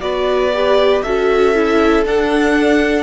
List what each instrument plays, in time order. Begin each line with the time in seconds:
0.00 cello B3, viola F#4, violin B4 D5
0.54 viola G4
1.02 cello C#4, viola F#4, violin A4 E5
1.55 viola E4
2.06 cello D4, viola D4, violin F#5